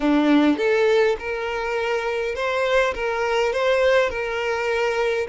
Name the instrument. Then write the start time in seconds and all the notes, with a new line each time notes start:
violin
0.00 D4
0.57 A4
1.19 A#4
2.35 C5
2.94 A#4
3.52 C5
4.09 A#4